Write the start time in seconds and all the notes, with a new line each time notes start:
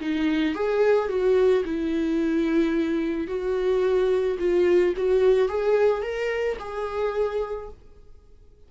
0.00 D#4
0.54 G#4
1.08 F#4
1.64 E4
3.27 F#4
4.39 F4
4.96 F#4
5.48 G#4
6.02 A#4
6.59 G#4